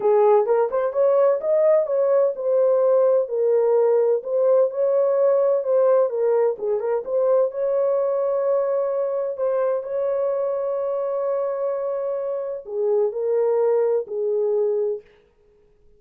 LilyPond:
\new Staff \with { instrumentName = "horn" } { \time 4/4 \tempo 4 = 128 gis'4 ais'8 c''8 cis''4 dis''4 | cis''4 c''2 ais'4~ | ais'4 c''4 cis''2 | c''4 ais'4 gis'8 ais'8 c''4 |
cis''1 | c''4 cis''2.~ | cis''2. gis'4 | ais'2 gis'2 | }